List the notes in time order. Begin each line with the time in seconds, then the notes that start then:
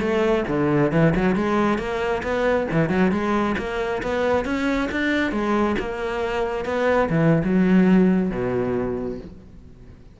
0.00 A3
0.48 D3
0.91 E3
1.15 F#3
1.35 G#3
1.78 A#3
2.23 B3
2.71 E3
2.89 F#3
3.11 G#3
3.58 A#3
4.02 B3
4.45 C#4
4.91 D4
5.31 G#3
5.79 A#3
6.65 B3
7.09 E3
7.44 F#3
8.30 B2